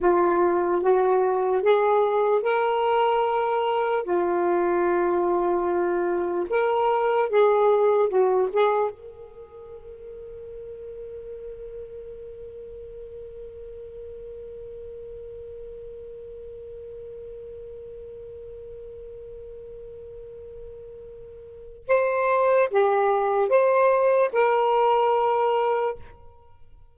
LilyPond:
\new Staff \with { instrumentName = "saxophone" } { \time 4/4 \tempo 4 = 74 f'4 fis'4 gis'4 ais'4~ | ais'4 f'2. | ais'4 gis'4 fis'8 gis'8 ais'4~ | ais'1~ |
ais'1~ | ais'1~ | ais'2. c''4 | g'4 c''4 ais'2 | }